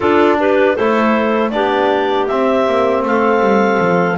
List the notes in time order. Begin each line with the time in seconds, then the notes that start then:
0.00 D4 F4 A4
0.38 G4 B4
0.75 A3 E4 A4 C5
1.50 B3 D4 G4 D5
2.27 C4 E5
2.66 A#3
3.02 A3 A4 F5
3.40 G3
3.79 F3